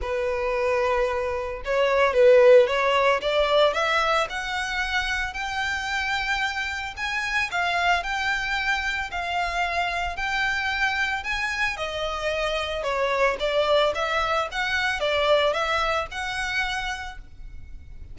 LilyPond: \new Staff \with { instrumentName = "violin" } { \time 4/4 \tempo 4 = 112 b'2. cis''4 | b'4 cis''4 d''4 e''4 | fis''2 g''2~ | g''4 gis''4 f''4 g''4~ |
g''4 f''2 g''4~ | g''4 gis''4 dis''2 | cis''4 d''4 e''4 fis''4 | d''4 e''4 fis''2 | }